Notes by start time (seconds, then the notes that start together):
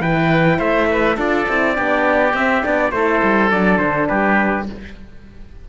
0.00 E3 E4 B4 G5
0.58 A3 C5 E5
0.91 B4
1.16 D4 F4 A4 D5
1.48 C4 E4
1.75 B3 D4 G4
2.34 C4 E5
2.63 B3 D4 D5
2.91 A3 E4 A4 C5
3.23 G3
3.50 F#3 D4 D5
3.78 D3 C5
4.08 G3 G4 B4